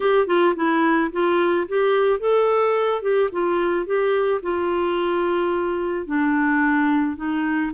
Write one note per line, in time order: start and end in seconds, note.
0.00 0.27 G4
0.27 0.54 F4
0.55 1.10 E4
1.12 1.67 F4
1.68 2.19 G4
2.19 3.02 A4
3.02 3.29 G4
3.32 3.85 F4
3.85 4.40 G4
4.42 6.06 F4
6.06 7.16 D4
7.16 7.71 D#4